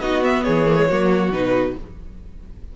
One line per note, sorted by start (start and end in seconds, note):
0.00 0.44 B3
0.00 0.22 D#4
0.00 0.43 F#4
0.00 0.23 D#5
0.22 0.66 B3
0.22 0.43 E5
0.43 0.91 E3
0.43 0.87 G#4
0.43 1.31 C#5
0.66 0.76 A#3
0.76 0.87 G#3
0.88 1.30 F#3
0.88 1.32 A#3
0.88 1.76 F#4
1.30 1.74 B2
1.30 1.76 D#4
1.30 1.76 B4